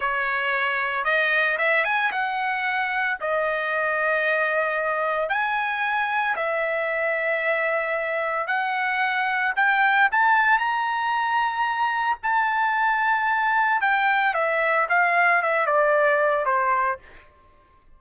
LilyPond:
\new Staff \with { instrumentName = "trumpet" } { \time 4/4 \tempo 4 = 113 cis''2 dis''4 e''8 gis''8 | fis''2 dis''2~ | dis''2 gis''2 | e''1 |
fis''2 g''4 a''4 | ais''2. a''4~ | a''2 g''4 e''4 | f''4 e''8 d''4. c''4 | }